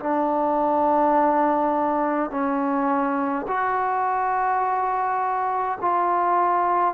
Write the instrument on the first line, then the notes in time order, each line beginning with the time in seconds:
trombone
0.00 D4
2.31 C#4
3.48 F#4
5.82 F4